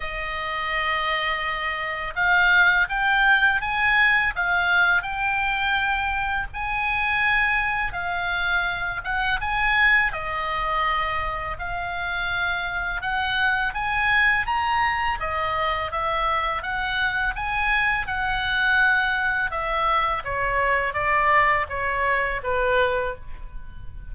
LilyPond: \new Staff \with { instrumentName = "oboe" } { \time 4/4 \tempo 4 = 83 dis''2. f''4 | g''4 gis''4 f''4 g''4~ | g''4 gis''2 f''4~ | f''8 fis''8 gis''4 dis''2 |
f''2 fis''4 gis''4 | ais''4 dis''4 e''4 fis''4 | gis''4 fis''2 e''4 | cis''4 d''4 cis''4 b'4 | }